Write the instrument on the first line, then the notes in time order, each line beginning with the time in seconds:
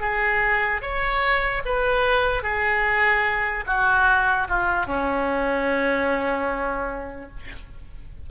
oboe
0.00 G#4
0.81 C#5
1.65 B4
2.43 G#4
3.66 F#4
4.49 F4
4.86 C#4